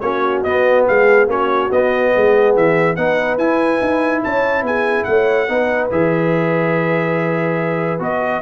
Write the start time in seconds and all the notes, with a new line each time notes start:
0.00 A#3 C#4 F#4 C#5
0.43 B3 D#5
0.86 G#3 G#4 F5
1.27 A#3 C#4 F#4 C#5
1.71 B3 D#5
2.14 G#3 G#4
2.56 E3 E5
2.96 B3 D#4 B4 F#5
3.38 E4 G#5
3.81 D#4
4.23 C#4 C#5 A5
4.62 B3 G#4 G#5
5.04 A3 C#5 F#5
5.48 B3 D#4 B4
5.90 E3 G#4 E5
7.99 B3 F#4 D#5